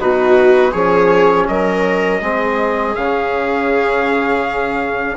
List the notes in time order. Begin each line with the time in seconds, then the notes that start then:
0.00 B2 D#4 F#4 B4
0.72 F3 C#4 G#4 C#5
1.48 F#3 A#4 D#5
2.21 G#3 C4 G#4
2.95 C#3 C#4 F5